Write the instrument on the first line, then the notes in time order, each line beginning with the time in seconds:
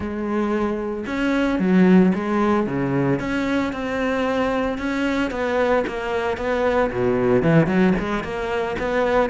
cello
0.00 G#3
1.06 C#4
1.59 F#3
2.15 G#3
2.66 C#3
3.19 C#4
3.72 C4
4.77 C#4
5.30 B3
5.87 A#3
6.37 B3
6.91 B2
7.42 E3
7.67 F#3
7.99 G#3
8.23 A#3
8.79 B3